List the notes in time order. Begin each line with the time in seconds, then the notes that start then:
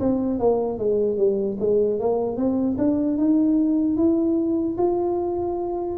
0.00 C4
0.39 A#3
0.79 G#3
1.17 G3
1.60 G#3
2.00 A#3
2.37 C4
2.78 D4
3.18 D#4
3.97 E4
4.78 F4